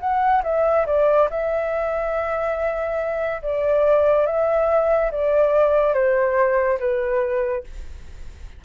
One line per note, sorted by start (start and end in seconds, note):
0.00 0.42 F#5
0.43 0.86 E5
0.86 1.29 D5
1.30 3.41 E5
3.42 4.26 D5
4.26 5.11 E5
5.12 5.94 D5
5.94 6.78 C5
6.79 7.64 B4